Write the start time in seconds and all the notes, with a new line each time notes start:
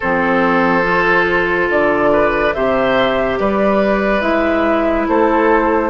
0.00 F3 C4 A4 C5
0.82 F4
1.69 D3 D5
2.12 B4
2.53 C3 G4 C5 E5
3.38 G3 B4 D5
4.20 G#3 E4 E5
5.08 A3 A4 C5